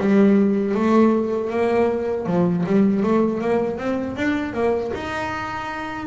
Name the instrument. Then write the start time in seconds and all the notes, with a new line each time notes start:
double bass
0.00 G3
0.75 A3
1.51 A#3
2.26 F3
2.67 G3
3.03 A3
3.41 A#3
3.78 C4
4.17 D4
4.54 A#3
4.95 D#4